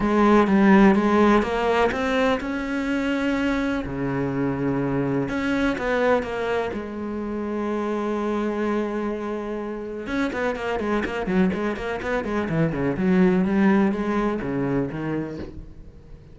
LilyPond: \new Staff \with { instrumentName = "cello" } { \time 4/4 \tempo 4 = 125 gis4 g4 gis4 ais4 | c'4 cis'2. | cis2. cis'4 | b4 ais4 gis2~ |
gis1~ | gis4 cis'8 b8 ais8 gis8 ais8 fis8 | gis8 ais8 b8 gis8 e8 cis8 fis4 | g4 gis4 cis4 dis4 | }